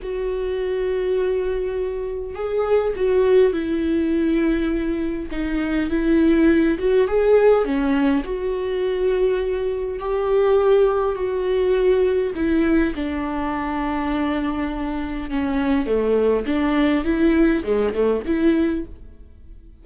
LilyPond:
\new Staff \with { instrumentName = "viola" } { \time 4/4 \tempo 4 = 102 fis'1 | gis'4 fis'4 e'2~ | e'4 dis'4 e'4. fis'8 | gis'4 cis'4 fis'2~ |
fis'4 g'2 fis'4~ | fis'4 e'4 d'2~ | d'2 cis'4 a4 | d'4 e'4 gis8 a8 e'4 | }